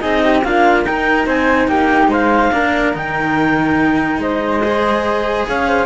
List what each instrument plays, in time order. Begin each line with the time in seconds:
0.00 cello C4 D#4, flute G#4, clarinet D#5
0.24 flute G4
0.42 cello A#3 D4, flute F4, clarinet F5
0.84 cello D#4, flute A#4, clarinet G5
1.26 cello C4, flute C5, clarinet G#5
1.67 cello A#3, flute G4, clarinet G5
2.07 cello G#3, flute C5, clarinet F5
2.51 cello A#3 D4, flute A#4
2.93 cello D#3 D#4, clarinet G5
4.17 cello G#3, flute C5, clarinet D#5
4.64 cello G#4
5.48 cello C#4, flute C#5, clarinet F5
5.67 flute C5